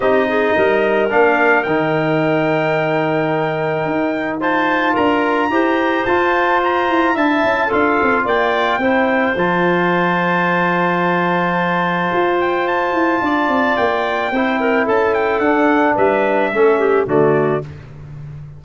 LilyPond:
<<
  \new Staff \with { instrumentName = "trumpet" } { \time 4/4 \tempo 4 = 109 dis''2 f''4 g''4~ | g''1 | a''4 ais''2 a''4 | ais''4 a''4 f''4 g''4~ |
g''4 a''2.~ | a''2~ a''8 g''8 a''4~ | a''4 g''2 a''8 g''8 | fis''4 e''2 d''4 | }
  \new Staff \with { instrumentName = "clarinet" } { \time 4/4 g'8 gis'8 ais'2.~ | ais'1 | c''4 ais'4 c''2~ | c''4 e''4 a'4 d''4 |
c''1~ | c''1 | d''2 c''8 ais'8 a'4~ | a'4 b'4 a'8 g'8 fis'4 | }
  \new Staff \with { instrumentName = "trombone" } { \time 4/4 dis'2 d'4 dis'4~ | dis'1 | f'2 g'4 f'4~ | f'4 e'4 f'2 |
e'4 f'2.~ | f'1~ | f'2 e'2 | d'2 cis'4 a4 | }
  \new Staff \with { instrumentName = "tuba" } { \time 4/4 c'4 g4 ais4 dis4~ | dis2. dis'4~ | dis'4 d'4 e'4 f'4~ | f'8 e'8 d'8 cis'8 d'8 c'8 ais4 |
c'4 f2.~ | f2 f'4. e'8 | d'8 c'8 ais4 c'4 cis'4 | d'4 g4 a4 d4 | }
>>